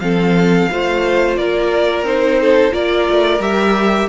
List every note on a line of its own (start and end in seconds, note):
0.00 0.69 F3
0.00 0.69 C4
0.00 0.71 A4
0.00 1.36 F5
0.71 1.38 A3
0.71 2.05 F4
0.71 1.39 C5
1.37 2.03 A#3
1.37 2.41 A#4
1.37 2.05 D5
2.03 2.71 C4
2.03 2.71 D#4
2.03 2.74 C5
2.41 2.73 A4
2.71 3.09 A#3
2.71 3.39 F4
2.71 4.09 A#4
2.71 3.41 D5
3.10 3.40 A3
3.40 4.08 G3
3.40 4.10 G4
3.40 4.10 E5